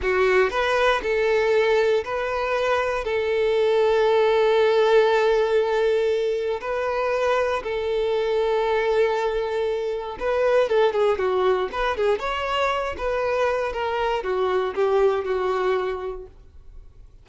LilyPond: \new Staff \with { instrumentName = "violin" } { \time 4/4 \tempo 4 = 118 fis'4 b'4 a'2 | b'2 a'2~ | a'1~ | a'4 b'2 a'4~ |
a'1 | b'4 a'8 gis'8 fis'4 b'8 gis'8 | cis''4. b'4. ais'4 | fis'4 g'4 fis'2 | }